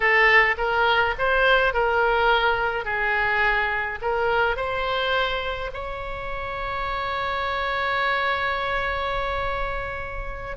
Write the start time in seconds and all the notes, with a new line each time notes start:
0.00 A4
0.57 A#4
1.18 C5
1.73 A#4
2.84 G#4
4.01 A#4
4.56 C5
5.73 C#5